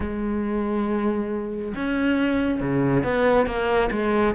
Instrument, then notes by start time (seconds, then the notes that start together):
cello
0.00 G#3
1.75 C#4
2.60 C#3
3.03 B3
3.46 A#3
3.91 G#3